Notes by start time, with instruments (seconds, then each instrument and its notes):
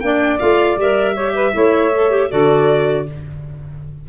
0.00 tuba A#3, clarinet D4, saxophone D5, violin G5
0.39 tuba A3, clarinet F4, violin F5
0.77 tuba G3, clarinet A#4, violin E5
1.14 clarinet G4, saxophone C#5
1.35 saxophone B4
1.53 tuba A3, clarinet E4, saxophone C#5
1.96 clarinet A4
2.11 clarinet G4
2.30 tuba D3, clarinet F#4, saxophone A4, violin D5